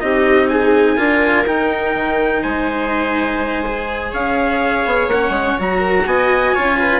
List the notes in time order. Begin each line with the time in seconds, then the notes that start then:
0.00 C4 D#4 G4 D#5
0.49 G#4 G#5
0.97 D4 F4 A#4
1.47 D#4 G5
1.95 D#3
2.42 G#3 C5 G#5
3.66 G#4
4.11 C#4 C#5 F5
4.86 B3
5.07 A#3 C#4 F#5
5.29 G#3
5.59 F#3 F#4 A#5
5.79 A#4
6.06 B3 D#5 G#5
6.54 C#4 F4 C#5
6.79 B4